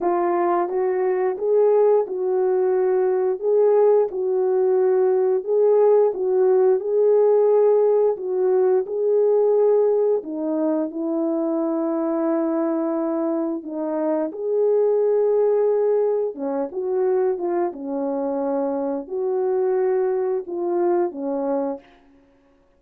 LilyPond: \new Staff \with { instrumentName = "horn" } { \time 4/4 \tempo 4 = 88 f'4 fis'4 gis'4 fis'4~ | fis'4 gis'4 fis'2 | gis'4 fis'4 gis'2 | fis'4 gis'2 dis'4 |
e'1 | dis'4 gis'2. | cis'8 fis'4 f'8 cis'2 | fis'2 f'4 cis'4 | }